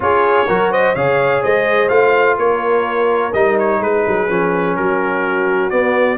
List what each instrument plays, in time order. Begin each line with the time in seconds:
0.00 tuba C#4, trombone F4, horn G#4, trumpet C#5
0.47 tuba F#3, trombone F#4, horn A#4
0.70 horn C5, trumpet D#5
0.94 tuba C#3, trombone G#4, horn C#5, trumpet F5
1.42 tuba G#3, horn C5, trumpet D#5
1.88 tuba A3, trombone F4, trumpet F5
2.38 tuba A#3, horn A#4, trumpet C#5
3.33 tuba G3, trombone D#4, trumpet D#5
3.58 trumpet C#5
3.79 tuba G#3, horn G#4, trumpet B4
4.07 tuba F#3
4.28 tuba F3, trombone C#4
4.76 tuba F#3, horn F#4, trumpet A#4
5.69 trombone B3, tuba B3, trumpet D5